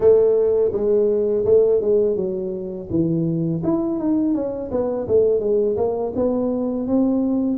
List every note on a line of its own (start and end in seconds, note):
0.00 0.72 A3
0.72 1.44 G#3
1.45 1.81 A3
1.81 2.16 G#3
2.16 2.88 F#3
2.89 3.62 E3
3.63 3.99 E4
3.99 4.34 D#4
4.34 4.70 C#4
4.71 5.07 B3
5.07 5.40 A3
5.40 5.76 G#3
5.76 6.12 A#3
6.15 6.87 B3
6.87 7.57 C4